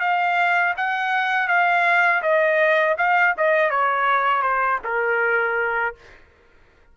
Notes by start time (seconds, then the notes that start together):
0.00 F5
0.77 F#5
1.47 F5
2.22 D#5
2.97 F5
3.37 D#5
3.70 C#5
4.42 C5
4.84 A#4